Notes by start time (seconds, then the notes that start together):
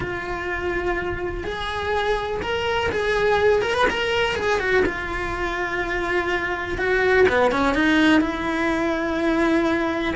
0.00 F4
1.43 G#4
2.41 A#4
2.91 G#4
3.62 A#4
3.74 B4
3.90 A#4
4.35 G#4
4.59 F#4
4.85 F4
6.77 F#4
7.28 B3
7.51 C#4
7.74 D#4
8.20 E4